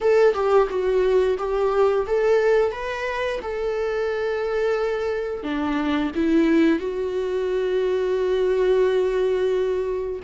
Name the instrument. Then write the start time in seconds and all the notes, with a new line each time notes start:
viola
0.01 A4
0.34 G4
0.69 F#4
1.38 G4
2.06 A4
2.71 B4
3.42 A4
5.43 D4
6.15 E4
6.79 F#4